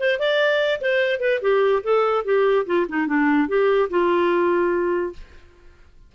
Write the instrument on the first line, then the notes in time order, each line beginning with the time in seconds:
clarinet
0.00 C5
0.19 D5
0.81 C5
1.20 B4
1.42 G4
1.84 A4
2.25 G4
2.66 F4
2.89 D#4
3.07 D4
3.48 G4
3.90 F4